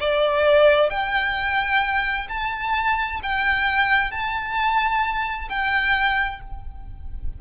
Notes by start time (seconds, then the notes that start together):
0.00 D5
0.90 G5
2.29 A5
3.23 G5
4.11 A5
5.49 G5